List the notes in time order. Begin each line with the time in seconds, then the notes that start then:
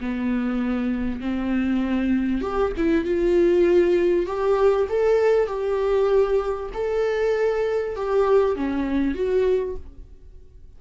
0.00 B3
1.21 C4
2.41 G4
2.77 E4
3.04 F4
4.26 G4
4.89 A4
5.47 G4
6.73 A4
7.96 G4
8.55 C#4
9.14 F#4